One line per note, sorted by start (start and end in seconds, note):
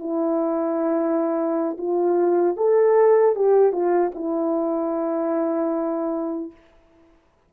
0.00 1.78 E4
1.78 2.57 F4
2.57 3.36 A4
3.36 3.72 G4
3.72 4.12 F4
4.15 6.52 E4